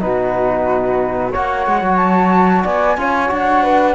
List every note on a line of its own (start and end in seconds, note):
0.00 1.34 B2
0.00 1.32 D#4
0.00 1.31 F#4
0.00 1.33 B4
1.31 1.67 A#3
1.31 2.97 F#4
1.31 2.63 C#5
1.31 1.96 F#5
1.67 1.81 G#3
1.81 2.64 F#3
1.96 2.62 A5
2.63 2.97 B3
2.63 2.96 D5
2.63 3.31 G#5
2.97 3.30 C#4
2.97 3.26 F4
2.97 3.63 C#5
3.26 3.95 D4
3.26 3.92 F#4
3.32 3.95 F#5
3.63 3.95 B4